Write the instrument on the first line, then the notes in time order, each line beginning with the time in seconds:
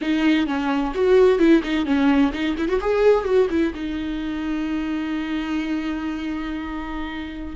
viola
0.01 D#4
0.47 C#4
0.94 F#4
1.38 E4
1.63 D#4
1.85 C#4
2.32 D#4
2.57 E4
2.68 F#4
2.80 G#4
3.24 F#4
3.50 E4
3.74 D#4